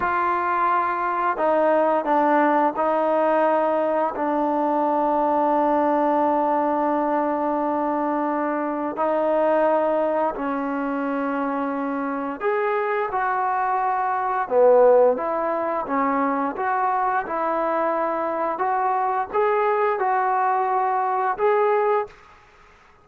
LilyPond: \new Staff \with { instrumentName = "trombone" } { \time 4/4 \tempo 4 = 87 f'2 dis'4 d'4 | dis'2 d'2~ | d'1~ | d'4 dis'2 cis'4~ |
cis'2 gis'4 fis'4~ | fis'4 b4 e'4 cis'4 | fis'4 e'2 fis'4 | gis'4 fis'2 gis'4 | }